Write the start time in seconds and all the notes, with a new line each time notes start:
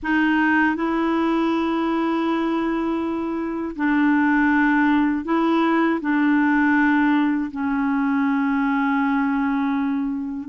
0.02 D#4
0.75 E4
3.75 D4
5.25 E4
6.00 D4
7.51 C#4